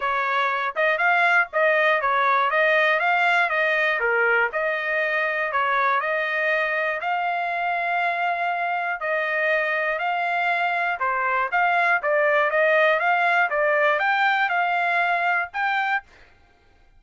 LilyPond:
\new Staff \with { instrumentName = "trumpet" } { \time 4/4 \tempo 4 = 120 cis''4. dis''8 f''4 dis''4 | cis''4 dis''4 f''4 dis''4 | ais'4 dis''2 cis''4 | dis''2 f''2~ |
f''2 dis''2 | f''2 c''4 f''4 | d''4 dis''4 f''4 d''4 | g''4 f''2 g''4 | }